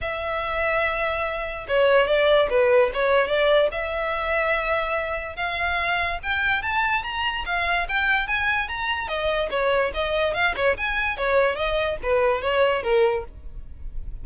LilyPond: \new Staff \with { instrumentName = "violin" } { \time 4/4 \tempo 4 = 145 e''1 | cis''4 d''4 b'4 cis''4 | d''4 e''2.~ | e''4 f''2 g''4 |
a''4 ais''4 f''4 g''4 | gis''4 ais''4 dis''4 cis''4 | dis''4 f''8 cis''8 gis''4 cis''4 | dis''4 b'4 cis''4 ais'4 | }